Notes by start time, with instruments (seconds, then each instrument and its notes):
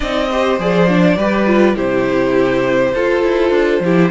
0.00 cello C4, viola D#4, violin D5 D#5
0.30 viola G4, violin C5
0.59 cello F3, viola G#4, violin D5
0.88 viola D4
1.16 cello G3, viola G4, violin B4
1.46 viola F4
1.74 cello C3, viola E4, violin G4 C5
2.94 cello F4, viola F4, violin A4
3.23 cello E4
3.50 cello D4
3.79 cello F3, viola E4, violin G4